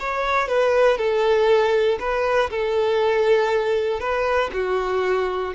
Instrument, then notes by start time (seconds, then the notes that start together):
violin
0.00 C#5
0.49 B4
0.98 A4
2.00 B4
2.51 A4
4.00 B4
4.53 F#4